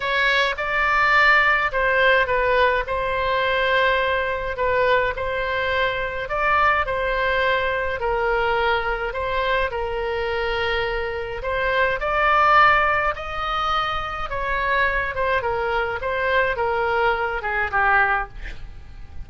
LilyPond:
\new Staff \with { instrumentName = "oboe" } { \time 4/4 \tempo 4 = 105 cis''4 d''2 c''4 | b'4 c''2. | b'4 c''2 d''4 | c''2 ais'2 |
c''4 ais'2. | c''4 d''2 dis''4~ | dis''4 cis''4. c''8 ais'4 | c''4 ais'4. gis'8 g'4 | }